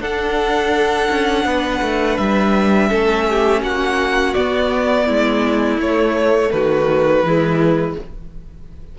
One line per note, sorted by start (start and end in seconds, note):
0.00 1.08 D4
0.00 2.90 D4
0.00 1.46 A4
0.00 2.18 F#5
1.10 1.45 C#4
1.45 1.81 B3
1.45 2.89 B4
1.82 2.18 A3
2.18 2.91 G3
2.18 3.62 E5
2.89 3.62 A3
2.89 4.34 C#4
2.89 3.25 A4
3.29 3.62 G4
3.62 4.34 A#3
3.62 5.06 F#4
3.62 4.34 F#5
4.34 5.79 B3
4.34 5.09 B3
4.34 5.79 D5
5.06 5.78 G#3
5.06 6.50 E4
5.78 6.50 A3
5.78 7.23 A3
5.78 6.52 C#5
6.52 7.23 D#3
6.52 7.27 F#4
6.52 7.96 B4
7.23 7.95 E3
7.23 7.99 G#3
7.23 7.99 E4